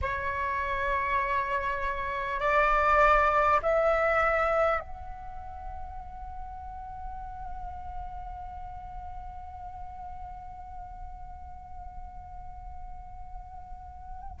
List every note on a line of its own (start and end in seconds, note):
0.01 2.39 C#5
2.39 3.59 D5
3.62 4.80 E5
4.80 14.40 F#5